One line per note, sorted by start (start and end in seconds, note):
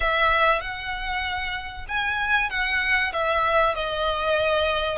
0.00 0.60 E5
0.60 1.85 F#5
1.88 2.50 G#5
2.50 3.12 F#5
3.12 3.74 E5
3.74 4.98 D#5